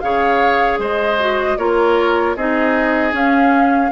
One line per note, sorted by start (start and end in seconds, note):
0.00 0.79 C#3
0.00 1.19 G#4
0.00 0.80 C#5
0.00 0.78 F5
0.79 1.57 G#3
0.79 1.58 C5
0.79 1.58 D#5
1.19 1.58 F#4
1.58 2.36 A#3
1.58 2.37 F4
1.58 2.36 A#4
1.58 2.36 C#5
2.36 3.13 C4
2.36 3.12 D#4
2.36 3.92 G#4
2.36 3.14 D#5
3.12 3.90 C#4
3.12 3.91 C#4
3.12 3.92 F5